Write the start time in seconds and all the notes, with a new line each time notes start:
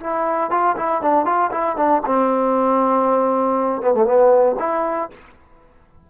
0.00 E4
0.50 F4
0.76 E4
1.02 D4
1.25 F4
1.51 E4
1.76 D4
2.06 C4
3.82 B3
3.94 A3
4.05 B3
4.59 E4